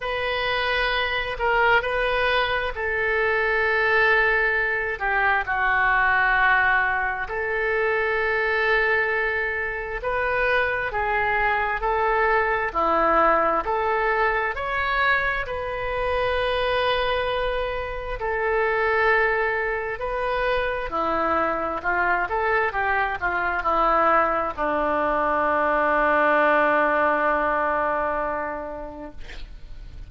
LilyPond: \new Staff \with { instrumentName = "oboe" } { \time 4/4 \tempo 4 = 66 b'4. ais'8 b'4 a'4~ | a'4. g'8 fis'2 | a'2. b'4 | gis'4 a'4 e'4 a'4 |
cis''4 b'2. | a'2 b'4 e'4 | f'8 a'8 g'8 f'8 e'4 d'4~ | d'1 | }